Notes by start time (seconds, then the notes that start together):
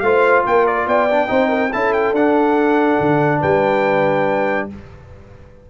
0.00 A3 F4 C5 F5
0.46 A#3 A#4 G5
0.67 D5
0.87 B3 D5 G5
1.11 D4
1.28 C4 D#4 C5
1.49 A#4
1.70 C#4 E4 A4 A5
1.93 G5
2.12 D4 F#5
3.00 D3
3.40 G3 B4 G5